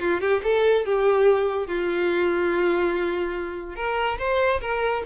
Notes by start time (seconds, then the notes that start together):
0.00 F4
0.21 G4
0.44 A4
0.86 G4
1.67 F4
3.76 A#4
4.19 C5
4.62 A#4